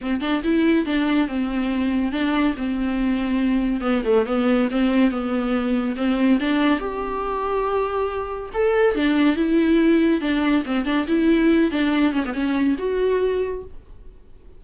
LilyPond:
\new Staff \with { instrumentName = "viola" } { \time 4/4 \tempo 4 = 141 c'8 d'8 e'4 d'4 c'4~ | c'4 d'4 c'2~ | c'4 b8 a8 b4 c'4 | b2 c'4 d'4 |
g'1 | a'4 d'4 e'2 | d'4 c'8 d'8 e'4. d'8~ | d'8 cis'16 b16 cis'4 fis'2 | }